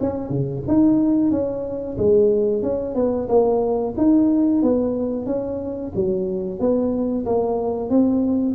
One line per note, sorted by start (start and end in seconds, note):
0.00 0.29 C#4
0.29 0.62 C#3
0.67 1.31 D#4
1.31 1.97 C#4
1.97 2.62 G#3
2.62 2.95 C#4
2.95 3.28 B3
3.28 3.94 A#3
3.97 4.62 D#4
4.62 5.26 B3
5.26 5.92 C#4
5.95 6.59 F#3
6.59 7.25 B3
7.26 7.89 A#3
7.89 8.55 C4